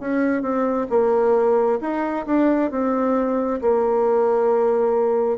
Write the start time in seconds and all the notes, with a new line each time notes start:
0.00 C#4
0.42 C4
0.90 A#3
1.81 D#4
2.26 D4
2.71 C4
3.61 A#3